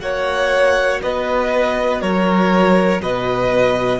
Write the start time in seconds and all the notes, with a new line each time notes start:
0.00 A#3 F#4 C#5 F#5
1.03 B3 B4 D#5
2.01 F#3 A#4 C#5
3.02 B2 B4 D#5